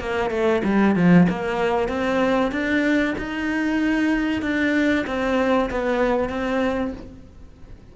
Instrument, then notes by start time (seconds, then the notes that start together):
cello
0.00 A#3
0.30 A3
0.64 G3
0.95 F3
1.29 A#3
1.88 C4
2.51 D4
3.18 D#4
4.42 D4
5.07 C4
5.70 B3
6.29 C4